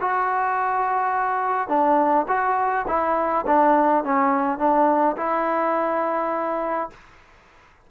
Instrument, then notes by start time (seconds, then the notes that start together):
trombone
0.00 F#4
1.68 D4
2.27 F#4
2.87 E4
3.46 D4
4.04 C#4
4.58 D4
5.17 E4